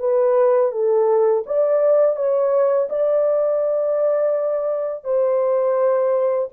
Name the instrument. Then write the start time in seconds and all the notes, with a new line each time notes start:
horn
0.00 B4
0.72 A4
1.47 D5
2.17 C#5
2.90 D5
5.04 C5